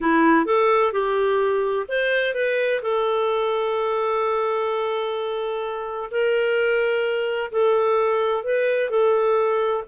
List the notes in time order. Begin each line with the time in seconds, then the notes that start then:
0.00 E4
0.45 A4
0.92 G4
1.88 C5
2.34 B4
2.81 A4
6.10 A#4
7.51 A4
8.44 B4
8.89 A4